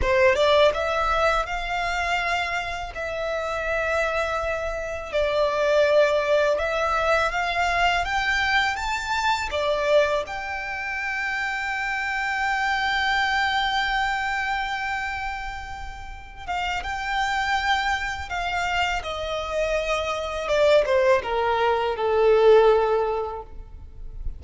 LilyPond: \new Staff \with { instrumentName = "violin" } { \time 4/4 \tempo 4 = 82 c''8 d''8 e''4 f''2 | e''2. d''4~ | d''4 e''4 f''4 g''4 | a''4 d''4 g''2~ |
g''1~ | g''2~ g''8 f''8 g''4~ | g''4 f''4 dis''2 | d''8 c''8 ais'4 a'2 | }